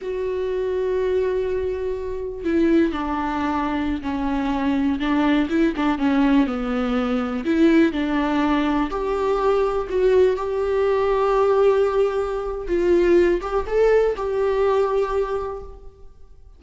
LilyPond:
\new Staff \with { instrumentName = "viola" } { \time 4/4 \tempo 4 = 123 fis'1~ | fis'4 e'4 d'2~ | d'16 cis'2 d'4 e'8 d'16~ | d'16 cis'4 b2 e'8.~ |
e'16 d'2 g'4.~ g'16~ | g'16 fis'4 g'2~ g'8.~ | g'2 f'4. g'8 | a'4 g'2. | }